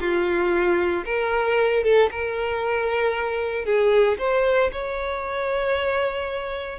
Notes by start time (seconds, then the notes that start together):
0.00 F4
1.05 A#4
1.83 A4
2.11 A#4
3.65 G#4
4.19 C5
4.72 C#5